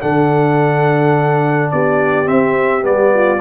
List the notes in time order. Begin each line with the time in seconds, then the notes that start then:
0.00 D3 D4 A4 F#5
1.71 B3 G4 D5
2.26 C4 E5
2.81 G3 B3 D5
3.14 F4